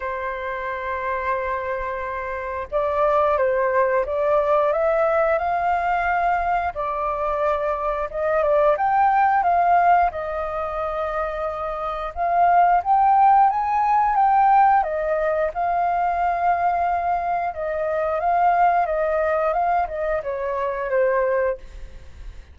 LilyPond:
\new Staff \with { instrumentName = "flute" } { \time 4/4 \tempo 4 = 89 c''1 | d''4 c''4 d''4 e''4 | f''2 d''2 | dis''8 d''8 g''4 f''4 dis''4~ |
dis''2 f''4 g''4 | gis''4 g''4 dis''4 f''4~ | f''2 dis''4 f''4 | dis''4 f''8 dis''8 cis''4 c''4 | }